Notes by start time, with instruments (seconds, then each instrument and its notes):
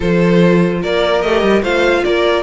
0.00 cello F3, viola F4, violin A4 C5
0.81 cello A#3, violin A#4 D5
1.21 cello A3, viola G4, violin D#5
1.42 cello G3
1.62 cello A3, viola F4, violin C5 F5
2.03 cello A#3, violin A#4 D5